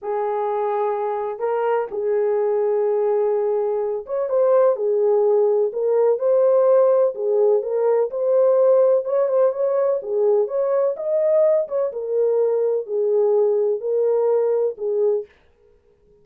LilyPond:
\new Staff \with { instrumentName = "horn" } { \time 4/4 \tempo 4 = 126 gis'2. ais'4 | gis'1~ | gis'8 cis''8 c''4 gis'2 | ais'4 c''2 gis'4 |
ais'4 c''2 cis''8 c''8 | cis''4 gis'4 cis''4 dis''4~ | dis''8 cis''8 ais'2 gis'4~ | gis'4 ais'2 gis'4 | }